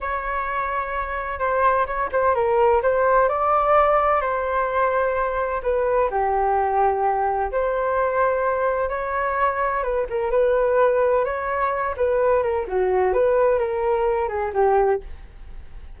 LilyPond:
\new Staff \with { instrumentName = "flute" } { \time 4/4 \tempo 4 = 128 cis''2. c''4 | cis''8 c''8 ais'4 c''4 d''4~ | d''4 c''2. | b'4 g'2. |
c''2. cis''4~ | cis''4 b'8 ais'8 b'2 | cis''4. b'4 ais'8 fis'4 | b'4 ais'4. gis'8 g'4 | }